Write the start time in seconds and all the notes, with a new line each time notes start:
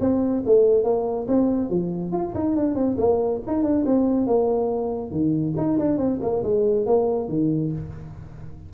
0.00 C4
0.46 A3
0.83 A#3
1.28 C4
1.69 F3
2.12 F4
2.34 D#4
2.56 D4
2.75 C4
2.98 A#3
3.46 D#4
3.63 D4
3.85 C4
4.26 A#3
5.11 D#3
5.56 D#4
5.78 D4
5.97 C4
6.21 A#3
6.43 G#3
6.86 A#3
7.28 D#3